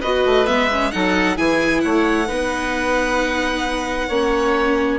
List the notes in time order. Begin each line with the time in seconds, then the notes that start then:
0.00 B3 F#4 B4 D#5
0.25 A3
0.46 G#3 B3 E5
0.71 C#4
0.91 F#3 D#4 A4 F#5
1.36 E3 E4 G#4 G#5
1.80 A3 C#5 F#5
2.27 B3 D#4 B4
4.08 A#3 C#4 C#5